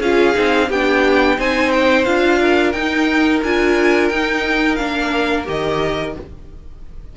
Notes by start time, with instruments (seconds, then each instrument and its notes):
0.00 cello C#4, viola F4, violin G#4 F5
0.34 cello C4, viola D#4
0.69 cello B3, viola D4, violin G4 G5
1.37 cello C4, viola D#4, violin C5 G#5
1.72 violin G5
2.05 cello D4, viola F4, violin F5
2.41 violin A#4
2.72 cello D#4, viola D#4, violin G5
3.43 cello D4, viola F4, violin G#5
4.09 cello D#4, viola D#4, violin G5
4.76 cello A#3, viola D4, violin F5
5.45 cello D#3, viola G4, violin D#5